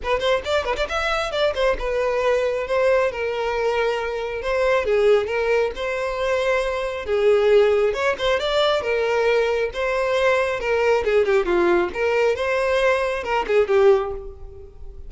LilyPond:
\new Staff \with { instrumentName = "violin" } { \time 4/4 \tempo 4 = 136 b'8 c''8 d''8 b'16 d''16 e''4 d''8 c''8 | b'2 c''4 ais'4~ | ais'2 c''4 gis'4 | ais'4 c''2. |
gis'2 cis''8 c''8 d''4 | ais'2 c''2 | ais'4 gis'8 g'8 f'4 ais'4 | c''2 ais'8 gis'8 g'4 | }